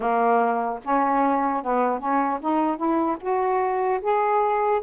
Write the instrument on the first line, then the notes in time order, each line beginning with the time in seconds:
saxophone
0.00 A#3
0.84 C#4
1.62 B3
1.99 C#4
2.40 D#4
2.76 E4
3.20 F#4
4.01 G#4